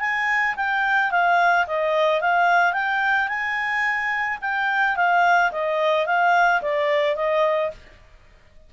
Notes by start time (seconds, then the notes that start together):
0.00 G#5
0.56 G5
1.11 F5
1.67 D#5
2.21 F5
2.73 G5
3.28 G#5
4.41 G5
4.96 F5
5.52 D#5
6.06 F5
6.62 D5
7.16 D#5